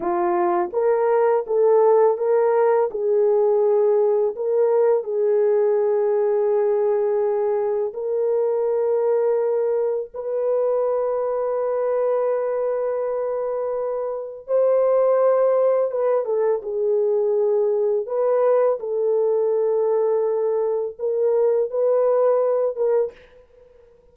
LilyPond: \new Staff \with { instrumentName = "horn" } { \time 4/4 \tempo 4 = 83 f'4 ais'4 a'4 ais'4 | gis'2 ais'4 gis'4~ | gis'2. ais'4~ | ais'2 b'2~ |
b'1 | c''2 b'8 a'8 gis'4~ | gis'4 b'4 a'2~ | a'4 ais'4 b'4. ais'8 | }